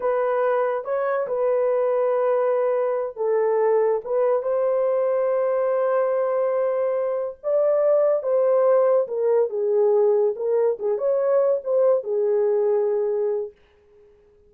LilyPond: \new Staff \with { instrumentName = "horn" } { \time 4/4 \tempo 4 = 142 b'2 cis''4 b'4~ | b'2.~ b'8 a'8~ | a'4. b'4 c''4.~ | c''1~ |
c''4. d''2 c''8~ | c''4. ais'4 gis'4.~ | gis'8 ais'4 gis'8 cis''4. c''8~ | c''8 gis'2.~ gis'8 | }